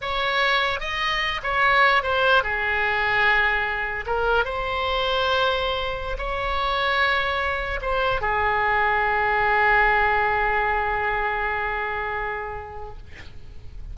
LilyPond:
\new Staff \with { instrumentName = "oboe" } { \time 4/4 \tempo 4 = 148 cis''2 dis''4. cis''8~ | cis''4 c''4 gis'2~ | gis'2 ais'4 c''4~ | c''2.~ c''16 cis''8.~ |
cis''2.~ cis''16 c''8.~ | c''16 gis'2.~ gis'8.~ | gis'1~ | gis'1 | }